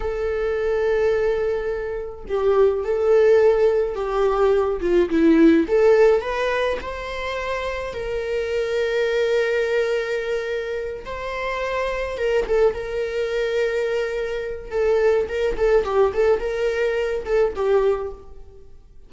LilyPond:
\new Staff \with { instrumentName = "viola" } { \time 4/4 \tempo 4 = 106 a'1 | g'4 a'2 g'4~ | g'8 f'8 e'4 a'4 b'4 | c''2 ais'2~ |
ais'2.~ ais'8 c''8~ | c''4. ais'8 a'8 ais'4.~ | ais'2 a'4 ais'8 a'8 | g'8 a'8 ais'4. a'8 g'4 | }